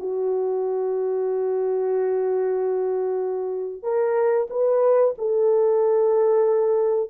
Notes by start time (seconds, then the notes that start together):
0.00 F#4
3.83 A#4
4.50 B4
5.18 A4